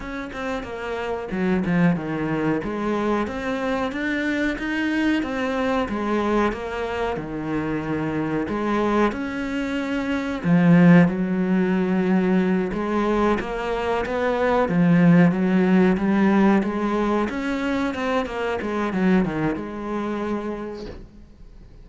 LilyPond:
\new Staff \with { instrumentName = "cello" } { \time 4/4 \tempo 4 = 92 cis'8 c'8 ais4 fis8 f8 dis4 | gis4 c'4 d'4 dis'4 | c'4 gis4 ais4 dis4~ | dis4 gis4 cis'2 |
f4 fis2~ fis8 gis8~ | gis8 ais4 b4 f4 fis8~ | fis8 g4 gis4 cis'4 c'8 | ais8 gis8 fis8 dis8 gis2 | }